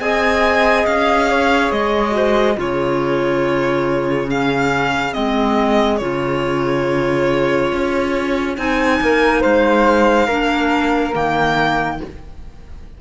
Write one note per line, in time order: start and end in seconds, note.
0.00 0.86 C4
0.00 2.11 G#4
0.00 1.29 D#5
0.00 0.86 G#5
0.86 1.71 C#4
0.86 1.72 F5
1.29 2.15 C#5
1.71 2.57 G#3
1.71 2.57 D#5
2.11 2.54 F#4
2.17 2.55 C5
2.55 5.15 C#3
2.55 4.28 F4
2.55 8.98 G#4
2.55 4.30 C#5
4.29 5.13 C#4
4.29 5.13 F5
5.13 6.02 G#3
5.13 5.99 C4
5.13 5.98 D#5
5.98 7.72 C#3
5.98 8.57 F4
5.98 8.55 C#5
7.72 8.57 C#4
8.57 9.00 C4
8.57 10.28 D#4
8.57 9.43 G#5
9.01 9.44 A#3
9.01 9.41 A#4
9.41 10.28 G#3
9.41 10.26 C5
9.41 11.14 F5
10.26 11.14 A#3
10.26 11.12 D4
10.26 11.98 A#4
11.12 12.01 D#3
11.12 11.98 A#3
11.12 12.01 G5